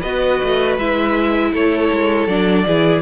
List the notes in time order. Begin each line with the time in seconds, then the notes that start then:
0.00 B3 F#4 B4 D#5
0.43 A3
0.78 G#3 E4 E5
1.53 A3 A4 C#5
1.92 G#3
2.27 F#3 D4 D5
2.66 E3 E4 G#4